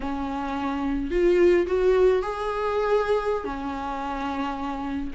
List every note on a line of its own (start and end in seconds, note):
0.00 1.10 C#4
1.10 1.66 F4
1.66 2.22 F#4
2.22 3.44 G#4
3.44 5.11 C#4